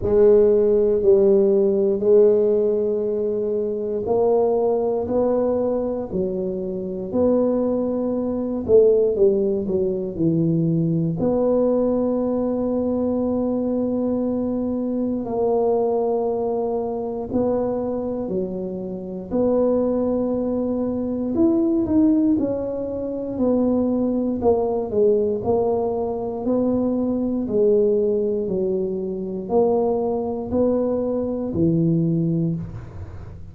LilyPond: \new Staff \with { instrumentName = "tuba" } { \time 4/4 \tempo 4 = 59 gis4 g4 gis2 | ais4 b4 fis4 b4~ | b8 a8 g8 fis8 e4 b4~ | b2. ais4~ |
ais4 b4 fis4 b4~ | b4 e'8 dis'8 cis'4 b4 | ais8 gis8 ais4 b4 gis4 | fis4 ais4 b4 e4 | }